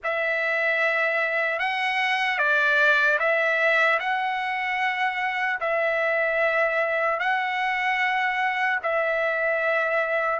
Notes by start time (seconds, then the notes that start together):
0.03 E5
1.59 F#5
2.38 D5
3.19 E5
3.99 F#5
5.60 E5
7.19 F#5
8.82 E5